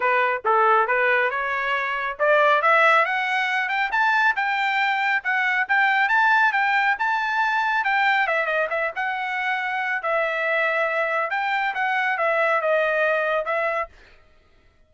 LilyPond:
\new Staff \with { instrumentName = "trumpet" } { \time 4/4 \tempo 4 = 138 b'4 a'4 b'4 cis''4~ | cis''4 d''4 e''4 fis''4~ | fis''8 g''8 a''4 g''2 | fis''4 g''4 a''4 g''4 |
a''2 g''4 e''8 dis''8 | e''8 fis''2~ fis''8 e''4~ | e''2 g''4 fis''4 | e''4 dis''2 e''4 | }